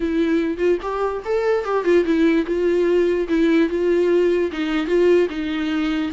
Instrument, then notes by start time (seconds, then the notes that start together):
viola
0.00 E4
0.57 F4
0.82 G4
1.24 A4
1.64 G4
1.84 F4
2.04 E4
2.46 F4
3.28 E4
3.69 F4
4.51 D#4
4.87 F4
5.29 D#4